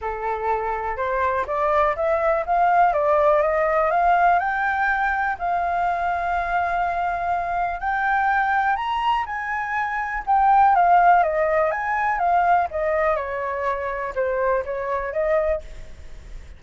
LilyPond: \new Staff \with { instrumentName = "flute" } { \time 4/4 \tempo 4 = 123 a'2 c''4 d''4 | e''4 f''4 d''4 dis''4 | f''4 g''2 f''4~ | f''1 |
g''2 ais''4 gis''4~ | gis''4 g''4 f''4 dis''4 | gis''4 f''4 dis''4 cis''4~ | cis''4 c''4 cis''4 dis''4 | }